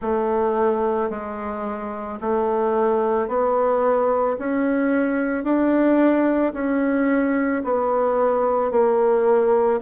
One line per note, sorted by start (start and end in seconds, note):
0.01 1.10 A3
1.10 2.19 G#3
2.20 3.27 A3
3.27 4.36 B3
4.38 5.43 C#4
5.43 6.53 D4
6.53 7.62 C#4
7.64 8.71 B3
8.71 9.80 A#3